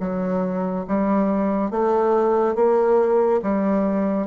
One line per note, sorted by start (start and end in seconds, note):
0.00 0.86 F#3
0.88 1.71 G3
1.71 2.55 A3
2.55 3.41 A#3
3.42 4.27 G3